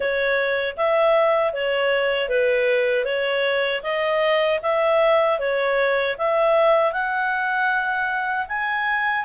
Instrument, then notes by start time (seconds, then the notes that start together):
clarinet
0.00 C#5
0.76 E5
1.53 C#5
2.28 B4
3.04 C#5
3.83 D#5
4.62 E5
5.39 C#5
6.17 E5
6.92 F#5
8.48 G#5